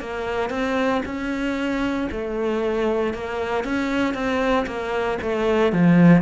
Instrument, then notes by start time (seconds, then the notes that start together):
cello
0.00 A#3
0.50 C4
1.05 C#4
2.12 A3
3.14 A#3
3.64 C#4
4.14 C4
4.66 A#3
5.21 A3
5.73 F3